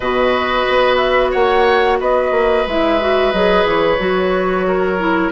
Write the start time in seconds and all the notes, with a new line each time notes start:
0.00 B2 F#4 B4 D#5
0.68 B3
0.96 E5
1.31 A#3 C#5 F#5
1.99 B3 B4 D#5
2.31 A#3
2.66 G#3 E4 E5
2.99 F#4
3.32 F#3 G#4 D#5
3.64 E3 C#5
3.98 F#3 F#4
4.67 A#4
4.98 E4